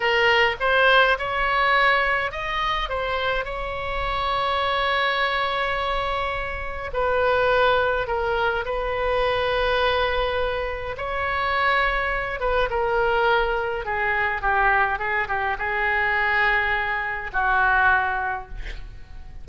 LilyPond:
\new Staff \with { instrumentName = "oboe" } { \time 4/4 \tempo 4 = 104 ais'4 c''4 cis''2 | dis''4 c''4 cis''2~ | cis''1 | b'2 ais'4 b'4~ |
b'2. cis''4~ | cis''4. b'8 ais'2 | gis'4 g'4 gis'8 g'8 gis'4~ | gis'2 fis'2 | }